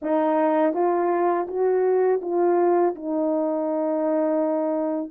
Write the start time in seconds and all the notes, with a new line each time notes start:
0.02 D#4
0.73 F4
1.47 F#4
2.22 F4
2.95 D#4